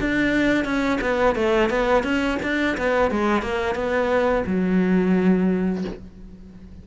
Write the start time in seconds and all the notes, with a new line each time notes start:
0.00 D4
0.64 C#4
1.01 B3
1.35 A3
1.70 B3
2.03 C#4
2.42 D4
2.77 B3
3.11 G#3
3.42 A#3
3.75 B3
4.46 F#3